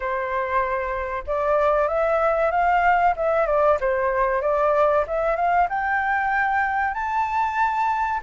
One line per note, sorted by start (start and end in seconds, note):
0.00 1.24 C5
1.27 1.87 D5
1.87 2.51 E5
2.51 3.14 F5
3.16 3.46 E5
3.46 3.78 D5
3.80 4.41 C5
4.41 5.04 D5
5.07 5.36 E5
5.36 5.67 F5
5.69 6.94 G5
6.94 8.20 A5